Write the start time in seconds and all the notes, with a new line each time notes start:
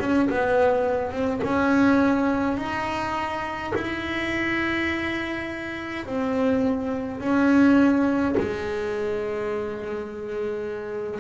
0.00 C#4
0.30 B3
1.12 C4
1.43 C#4
2.58 D#4
3.75 E4
6.06 C4
7.20 C#4
8.37 G#3